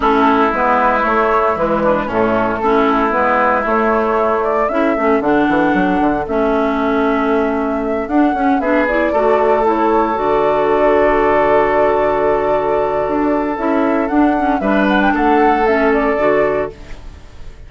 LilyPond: <<
  \new Staff \with { instrumentName = "flute" } { \time 4/4 \tempo 4 = 115 a'4 b'4 cis''4 b'4 | a'2 b'4 cis''4~ | cis''8 d''8 e''4 fis''2 | e''2.~ e''8 fis''8~ |
fis''8 e''8 d''4. cis''4 d''8~ | d''1~ | d''2 e''4 fis''4 | e''8 fis''16 g''16 fis''4 e''8 d''4. | }
  \new Staff \with { instrumentName = "oboe" } { \time 4/4 e'2.~ e'8 d'8 | cis'4 e'2.~ | e'4 a'2.~ | a'1~ |
a'8 gis'4 a'2~ a'8~ | a'1~ | a'1 | b'4 a'2. | }
  \new Staff \with { instrumentName = "clarinet" } { \time 4/4 cis'4 b4 a4 gis4 | a4 cis'4 b4 a4~ | a4 e'8 cis'8 d'2 | cis'2.~ cis'8 d'8 |
cis'8 d'8 e'8 fis'4 e'4 fis'8~ | fis'1~ | fis'2 e'4 d'8 cis'8 | d'2 cis'4 fis'4 | }
  \new Staff \with { instrumentName = "bassoon" } { \time 4/4 a4 gis4 a4 e4 | a,4 a4 gis4 a4~ | a4 cis'8 a8 d8 e8 fis8 d8 | a2.~ a8 d'8 |
cis'8 b4 a2 d8~ | d1~ | d4 d'4 cis'4 d'4 | g4 a2 d4 | }
>>